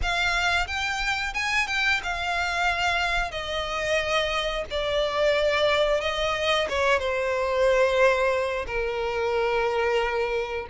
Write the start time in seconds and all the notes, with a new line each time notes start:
0.02 F5
0.67 G5
1.34 G#5
1.67 G5
2.03 F5
3.31 D#5
4.70 D5
6.01 D#5
6.68 C#5
6.98 C5
8.66 A#4